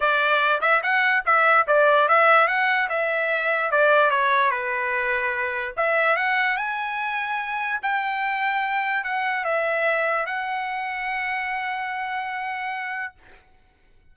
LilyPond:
\new Staff \with { instrumentName = "trumpet" } { \time 4/4 \tempo 4 = 146 d''4. e''8 fis''4 e''4 | d''4 e''4 fis''4 e''4~ | e''4 d''4 cis''4 b'4~ | b'2 e''4 fis''4 |
gis''2. g''4~ | g''2 fis''4 e''4~ | e''4 fis''2.~ | fis''1 | }